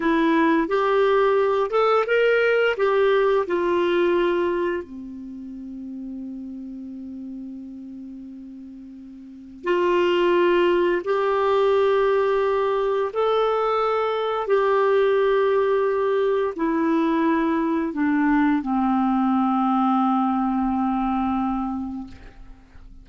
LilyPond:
\new Staff \with { instrumentName = "clarinet" } { \time 4/4 \tempo 4 = 87 e'4 g'4. a'8 ais'4 | g'4 f'2 c'4~ | c'1~ | c'2 f'2 |
g'2. a'4~ | a'4 g'2. | e'2 d'4 c'4~ | c'1 | }